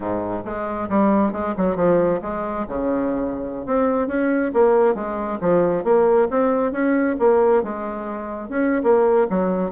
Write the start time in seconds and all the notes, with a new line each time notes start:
0.00 G#2
0.44 G#3
0.89 G3
1.32 G#3
1.57 F#3
1.76 F3
2.21 G#3
2.68 C#3
3.66 C4
4.07 C#4
4.53 A#3
4.94 G#3
5.40 F3
5.84 A#3
6.30 C4
6.72 C#4
7.19 A#3
7.63 G#3
8.49 C#4
8.83 A#3
9.30 F#3